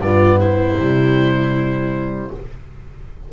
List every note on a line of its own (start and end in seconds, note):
0.00 0.77 G2
0.00 0.79 B3
0.00 0.40 F4
0.00 0.40 D5
0.40 2.32 E4
0.40 2.33 C5
0.77 2.31 C3
0.77 2.33 G3